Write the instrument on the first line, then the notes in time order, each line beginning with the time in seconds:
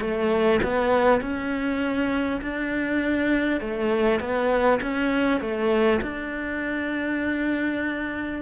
cello
0.00 A3
0.63 B3
1.21 C#4
2.41 D4
3.60 A3
4.20 B3
4.82 C#4
5.40 A3
6.02 D4